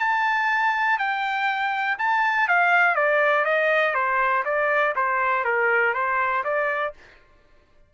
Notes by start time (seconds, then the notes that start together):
0.00 A5
0.99 G5
1.98 A5
2.48 F5
2.95 D5
3.45 D#5
3.94 C5
4.45 D5
4.96 C5
5.45 A#4
5.94 C5
6.44 D5